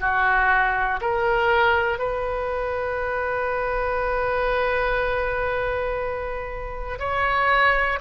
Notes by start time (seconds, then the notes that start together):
0.00 F#4
1.01 A#4
1.99 B4
7.00 C#5